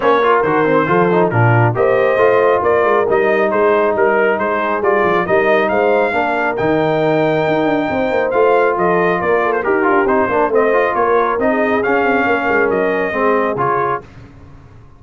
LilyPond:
<<
  \new Staff \with { instrumentName = "trumpet" } { \time 4/4 \tempo 4 = 137 cis''4 c''2 ais'4 | dis''2 d''4 dis''4 | c''4 ais'4 c''4 d''4 | dis''4 f''2 g''4~ |
g''2. f''4 | dis''4 d''8. c''16 ais'4 c''4 | dis''4 cis''4 dis''4 f''4~ | f''4 dis''2 cis''4 | }
  \new Staff \with { instrumentName = "horn" } { \time 4/4 c''8 ais'4. a'4 f'4 | c''2 ais'2 | gis'4 ais'4 gis'2 | ais'4 c''4 ais'2~ |
ais'2 c''2 | a'4 ais'8 a'8 g'4. ais'8 | c''4 ais'4~ ais'16 gis'4.~ gis'16 | ais'2 gis'2 | }
  \new Staff \with { instrumentName = "trombone" } { \time 4/4 cis'8 f'8 fis'8 c'8 f'8 dis'8 d'4 | g'4 f'2 dis'4~ | dis'2. f'4 | dis'2 d'4 dis'4~ |
dis'2. f'4~ | f'2 g'8 f'8 dis'8 d'8 | c'8 f'4. dis'4 cis'4~ | cis'2 c'4 f'4 | }
  \new Staff \with { instrumentName = "tuba" } { \time 4/4 ais4 dis4 f4 ais,4 | ais4 a4 ais8 gis8 g4 | gis4 g4 gis4 g8 f8 | g4 gis4 ais4 dis4~ |
dis4 dis'8 d'8 c'8 ais8 a4 | f4 ais4 dis'8 d'8 c'8 ais8 | a4 ais4 c'4 cis'8 c'8 | ais8 gis8 fis4 gis4 cis4 | }
>>